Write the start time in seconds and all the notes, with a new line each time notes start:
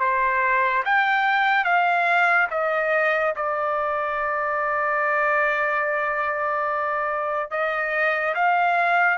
0.00 C5
0.86 G5
1.65 F5
2.51 D#5
3.36 D5
7.51 D#5
8.35 F5